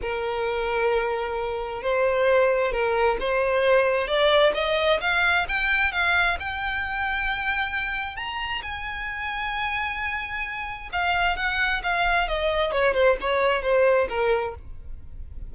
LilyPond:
\new Staff \with { instrumentName = "violin" } { \time 4/4 \tempo 4 = 132 ais'1 | c''2 ais'4 c''4~ | c''4 d''4 dis''4 f''4 | g''4 f''4 g''2~ |
g''2 ais''4 gis''4~ | gis''1 | f''4 fis''4 f''4 dis''4 | cis''8 c''8 cis''4 c''4 ais'4 | }